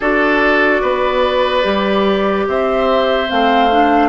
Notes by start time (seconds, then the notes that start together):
0.00 D4 F#4 A4 D5
0.81 B3 B4
1.62 G3 G4
2.47 C4 C5 E5
3.28 A3 C4 F5
3.71 D4